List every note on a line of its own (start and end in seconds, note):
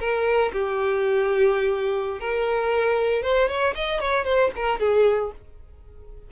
0.00 0.52 A#4
0.53 2.20 G4
2.20 3.23 A#4
3.23 3.48 C5
3.48 3.74 C#5
3.75 4.00 D#5
4.00 4.25 C#5
4.25 4.51 C5
4.56 4.80 A#4
4.80 5.31 G#4